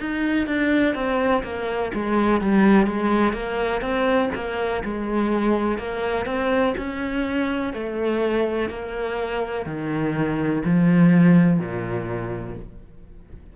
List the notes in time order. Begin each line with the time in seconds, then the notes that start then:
0.00 D#4
0.46 D4
0.95 C4
1.43 A#3
1.94 G#3
2.41 G3
2.86 G#3
3.33 A#3
3.81 C4
4.34 A#3
4.84 G#3
5.78 A#3
6.26 C4
6.77 C#4
7.73 A3
8.69 A#3
9.66 D#3
10.65 F3
11.59 A#2